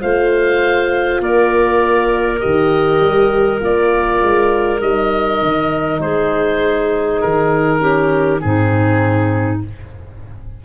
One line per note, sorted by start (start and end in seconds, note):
0.00 1.20 A3
0.00 2.39 F4
0.00 1.20 C5
0.00 1.21 F5
1.20 2.40 A#3
1.20 6.00 A#4
1.20 2.40 D5
2.39 3.00 D#3
2.39 3.59 G4
2.39 3.60 D#5
3.00 3.60 G3
3.60 4.21 A#3
3.60 4.79 F4
3.60 4.81 D5
4.22 4.80 G#3
4.79 5.40 G3
4.79 7.78 D#4
4.79 6.00 D#5
5.42 5.99 D#3
5.99 7.19 G#3
5.99 7.80 G#4
5.99 7.21 C5
7.21 8.43 D#3
7.21 8.40 A#4
7.78 8.38 C#4
7.78 8.40 G4
8.39 9.63 G#2
8.39 9.59 C4
8.39 9.64 D#4
8.39 9.60 G#4